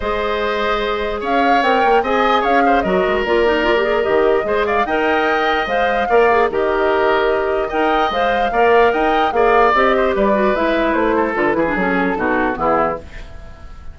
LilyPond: <<
  \new Staff \with { instrumentName = "flute" } { \time 4/4 \tempo 4 = 148 dis''2. f''4 | g''4 gis''4 f''4 dis''4 | d''2 dis''4. f''8 | g''2 f''2 |
dis''2. g''4 | f''2 g''4 f''4 | dis''4 d''4 e''4 c''4 | b'4 a'2 gis'4 | }
  \new Staff \with { instrumentName = "oboe" } { \time 4/4 c''2. cis''4~ | cis''4 dis''4 cis''8 c''8 ais'4~ | ais'2. c''8 d''8 | dis''2. d''4 |
ais'2. dis''4~ | dis''4 d''4 dis''4 d''4~ | d''8 c''8 b'2~ b'8 a'8~ | a'8 gis'4. fis'4 e'4 | }
  \new Staff \with { instrumentName = "clarinet" } { \time 4/4 gis'1 | ais'4 gis'2 fis'4 | f'8 dis'8 f'16 g'16 gis'8 g'4 gis'4 | ais'2 c''4 ais'8 gis'8 |
g'2. ais'4 | c''4 ais'2 gis'4 | g'4. fis'8 e'2 | f'8 e'16 d'16 cis'4 dis'4 b4 | }
  \new Staff \with { instrumentName = "bassoon" } { \time 4/4 gis2. cis'4 | c'8 ais8 c'4 cis'4 fis8 gis8 | ais2 dis4 gis4 | dis'2 gis4 ais4 |
dis2. dis'4 | gis4 ais4 dis'4 ais4 | c'4 g4 gis4 a4 | d8 e8 fis4 b,4 e4 | }
>>